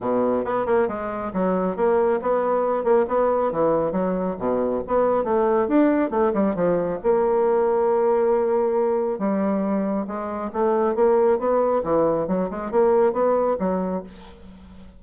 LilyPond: \new Staff \with { instrumentName = "bassoon" } { \time 4/4 \tempo 4 = 137 b,4 b8 ais8 gis4 fis4 | ais4 b4. ais8 b4 | e4 fis4 b,4 b4 | a4 d'4 a8 g8 f4 |
ais1~ | ais4 g2 gis4 | a4 ais4 b4 e4 | fis8 gis8 ais4 b4 fis4 | }